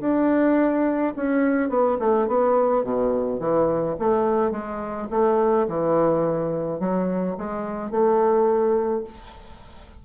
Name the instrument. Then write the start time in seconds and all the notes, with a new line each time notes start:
bassoon
0.00 D4
1.16 C#4
1.69 B3
1.99 A3
2.27 B3
2.83 B2
3.39 E3
3.99 A3
4.51 G#3
5.10 A3
5.67 E3
6.79 F#3
7.37 G#3
7.91 A3